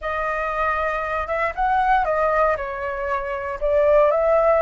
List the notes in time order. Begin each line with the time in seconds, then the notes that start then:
0.01 D#5
1.27 E5
1.55 F#5
2.05 D#5
2.56 C#5
3.60 D5
4.10 E5